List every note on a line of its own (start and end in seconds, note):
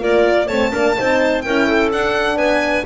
0.00 0.49 A#3
0.00 0.47 F4
0.00 0.47 A#4
0.00 0.48 D5
0.47 0.73 A3
0.47 0.71 C4
0.47 0.70 C#5
0.47 1.42 A5
0.71 0.98 A#3
0.71 0.95 D4
0.71 0.96 A#4
0.97 1.46 C4
0.97 1.44 D#4
0.97 1.45 C5
1.42 1.93 C#4
1.42 1.92 E4
1.42 1.67 A#4
1.42 1.89 G5
1.67 2.38 A4
1.92 2.86 D4
1.92 2.37 D4
1.92 2.38 F#5
2.37 2.84 B3
2.37 2.85 B4
2.37 2.85 G#5